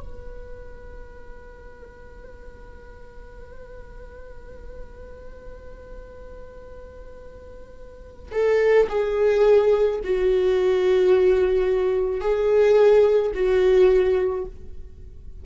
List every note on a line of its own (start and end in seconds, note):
0.00 8.32 B4
8.32 8.87 A4
8.89 10.01 G#4
10.04 12.21 F#4
12.21 13.32 G#4
13.34 14.45 F#4